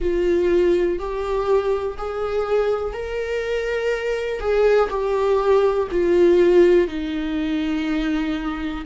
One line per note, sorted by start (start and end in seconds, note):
0.00 0.98 F4
0.98 1.97 G4
1.97 2.93 G#4
2.93 4.39 A#4
4.39 4.89 G#4
4.89 5.87 G4
5.91 6.87 F4
6.87 8.84 D#4